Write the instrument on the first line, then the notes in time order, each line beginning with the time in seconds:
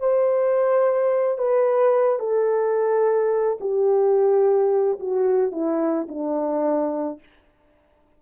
horn
0.00 C5
1.38 B4
2.20 A4
3.61 G4
5.00 F#4
5.52 E4
6.09 D4